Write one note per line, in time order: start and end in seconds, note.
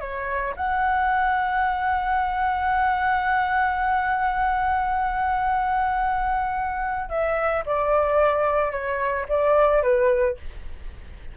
0.00 0.55 C#5
0.56 7.09 F#5
7.09 7.64 E5
7.66 8.71 D5
8.71 9.26 C#5
9.29 9.82 D5
9.82 10.37 B4